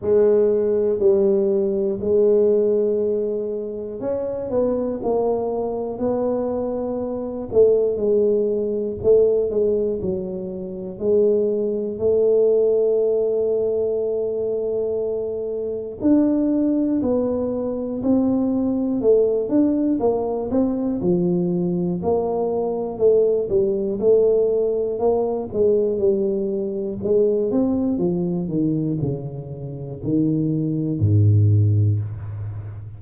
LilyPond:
\new Staff \with { instrumentName = "tuba" } { \time 4/4 \tempo 4 = 60 gis4 g4 gis2 | cis'8 b8 ais4 b4. a8 | gis4 a8 gis8 fis4 gis4 | a1 |
d'4 b4 c'4 a8 d'8 | ais8 c'8 f4 ais4 a8 g8 | a4 ais8 gis8 g4 gis8 c'8 | f8 dis8 cis4 dis4 gis,4 | }